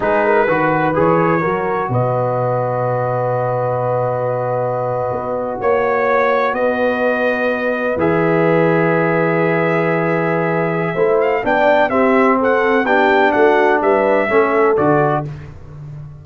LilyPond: <<
  \new Staff \with { instrumentName = "trumpet" } { \time 4/4 \tempo 4 = 126 b'2 cis''2 | dis''1~ | dis''2.~ dis''8. cis''16~ | cis''4.~ cis''16 dis''2~ dis''16~ |
dis''8. e''2.~ e''16~ | e''2.~ e''8 f''8 | g''4 e''4 fis''4 g''4 | fis''4 e''2 d''4 | }
  \new Staff \with { instrumentName = "horn" } { \time 4/4 gis'8 ais'8 b'2 ais'4 | b'1~ | b'2.~ b'8. cis''16~ | cis''4.~ cis''16 b'2~ b'16~ |
b'1~ | b'2. c''4 | d''4 g'4 a'4 g'4 | fis'4 b'4 a'2 | }
  \new Staff \with { instrumentName = "trombone" } { \time 4/4 dis'4 fis'4 gis'4 fis'4~ | fis'1~ | fis'1~ | fis'1~ |
fis'8. gis'2.~ gis'16~ | gis'2. e'4 | d'4 c'2 d'4~ | d'2 cis'4 fis'4 | }
  \new Staff \with { instrumentName = "tuba" } { \time 4/4 gis4 dis4 e4 fis4 | b,1~ | b,2~ b,8. b4 ais16~ | ais4.~ ais16 b2~ b16~ |
b8. e2.~ e16~ | e2. a4 | b4 c'2 b4 | a4 g4 a4 d4 | }
>>